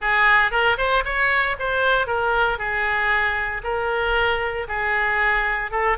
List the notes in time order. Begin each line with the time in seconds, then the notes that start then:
0.01 G#4
0.51 A#4
0.77 C5
1.04 C#5
1.59 C5
2.06 A#4
2.58 G#4
3.63 A#4
4.68 G#4
5.71 A4